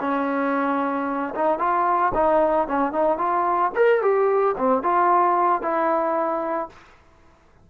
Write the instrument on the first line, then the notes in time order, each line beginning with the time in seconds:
trombone
0.00 C#4
1.35 D#4
1.59 F4
2.15 D#4
2.68 C#4
2.92 D#4
3.18 F4
3.75 A#4
4.02 G4
4.58 C4
4.83 F4
5.62 E4